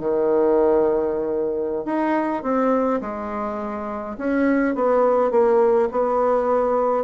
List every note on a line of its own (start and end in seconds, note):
0.00 1.85 D#3
1.85 2.43 D#4
2.43 3.01 C4
3.01 4.17 G#3
4.18 4.75 C#4
4.75 5.31 B3
5.31 5.89 A#3
5.92 7.05 B3